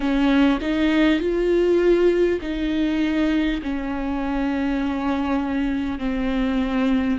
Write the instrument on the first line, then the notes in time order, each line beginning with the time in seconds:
viola
0.00 C#4
0.61 D#4
1.19 F4
2.41 D#4
3.62 C#4
5.98 C4